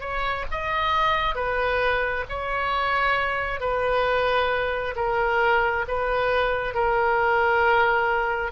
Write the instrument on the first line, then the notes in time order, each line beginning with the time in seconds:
oboe
0.00 C#5
0.51 D#5
1.34 B4
2.29 C#5
3.60 B4
4.95 A#4
5.87 B4
6.74 A#4